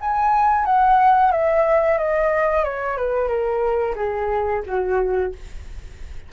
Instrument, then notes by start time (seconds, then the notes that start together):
flute
0.00 G#5
0.65 F#5
1.32 E5
1.98 D#5
2.64 C#5
2.97 B4
3.28 A#4
3.95 G#4
4.66 F#4